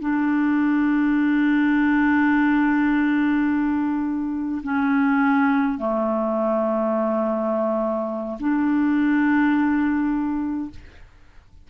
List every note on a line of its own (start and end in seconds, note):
0.00 4.62 D4
4.63 5.78 C#4
5.78 8.38 A3
8.39 10.70 D4